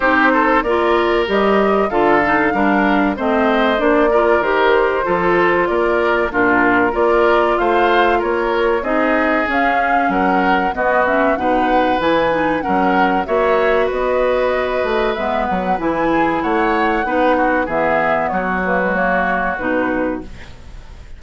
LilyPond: <<
  \new Staff \with { instrumentName = "flute" } { \time 4/4 \tempo 4 = 95 c''4 d''4 dis''4 f''4~ | f''4 dis''4 d''4 c''4~ | c''4 d''4 ais'4 d''4 | f''4 cis''4 dis''4 f''4 |
fis''4 dis''8 e''8 fis''4 gis''4 | fis''4 e''4 dis''2 | e''8 fis''8 gis''4 fis''2 | e''4 cis''8 b'8 cis''4 b'4 | }
  \new Staff \with { instrumentName = "oboe" } { \time 4/4 g'8 a'8 ais'2 a'4 | ais'4 c''4. ais'4. | a'4 ais'4 f'4 ais'4 | c''4 ais'4 gis'2 |
ais'4 fis'4 b'2 | ais'4 cis''4 b'2~ | b'4. gis'8 cis''4 b'8 fis'8 | gis'4 fis'2. | }
  \new Staff \with { instrumentName = "clarinet" } { \time 4/4 dis'4 f'4 g'4 f'8 dis'8 | d'4 c'4 d'8 f'8 g'4 | f'2 d'4 f'4~ | f'2 dis'4 cis'4~ |
cis'4 b8 cis'8 dis'4 e'8 dis'8 | cis'4 fis'2. | b4 e'2 dis'4 | b4. ais16 gis16 ais4 dis'4 | }
  \new Staff \with { instrumentName = "bassoon" } { \time 4/4 c'4 ais4 g4 d4 | g4 a4 ais4 dis4 | f4 ais4 ais,4 ais4 | a4 ais4 c'4 cis'4 |
fis4 b4 b,4 e4 | fis4 ais4 b4. a8 | gis8 fis8 e4 a4 b4 | e4 fis2 b,4 | }
>>